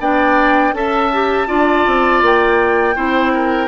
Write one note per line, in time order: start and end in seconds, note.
0.00 0.73 B3
0.00 0.74 D4
0.00 0.75 D5
0.00 0.74 G5
0.73 1.47 C#4
0.73 1.11 A4
0.73 1.48 E5
0.73 2.23 A5
1.14 1.47 G4
1.47 1.87 D4
1.47 2.95 F4
1.47 2.96 D5
1.87 2.22 C4
2.22 2.96 A#3
2.22 3.69 G5
2.95 3.69 C4
2.95 3.69 E4
2.95 3.33 C5
3.34 3.69 A#4